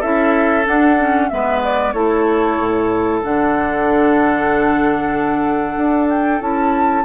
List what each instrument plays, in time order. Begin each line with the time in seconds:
0.00 bassoon C#4, clarinet E4, oboe A4, flute E5
0.64 clarinet D4, bassoon D4, flute F#5
1.00 clarinet C#4
1.29 bassoon G#3, clarinet B3, oboe B4, flute E5
1.64 flute D5
1.92 bassoon A3, clarinet E4, oboe A4, flute C#5
2.59 bassoon A2
3.23 bassoon D3, clarinet D4, flute F#5
5.77 bassoon D4
6.10 flute G5
6.41 bassoon C#4, clarinet E4, flute A5